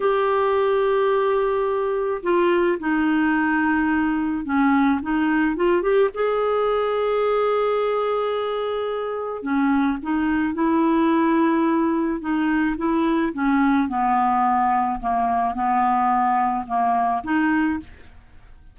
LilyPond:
\new Staff \with { instrumentName = "clarinet" } { \time 4/4 \tempo 4 = 108 g'1 | f'4 dis'2. | cis'4 dis'4 f'8 g'8 gis'4~ | gis'1~ |
gis'4 cis'4 dis'4 e'4~ | e'2 dis'4 e'4 | cis'4 b2 ais4 | b2 ais4 dis'4 | }